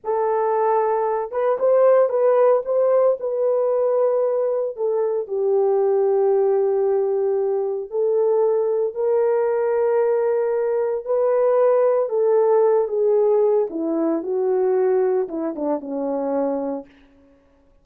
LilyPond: \new Staff \with { instrumentName = "horn" } { \time 4/4 \tempo 4 = 114 a'2~ a'8 b'8 c''4 | b'4 c''4 b'2~ | b'4 a'4 g'2~ | g'2. a'4~ |
a'4 ais'2.~ | ais'4 b'2 a'4~ | a'8 gis'4. e'4 fis'4~ | fis'4 e'8 d'8 cis'2 | }